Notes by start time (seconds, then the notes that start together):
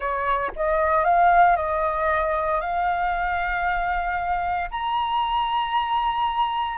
0.00 C#5
0.55 D#5
1.04 F5
1.56 D#5
2.61 F5
4.71 A#5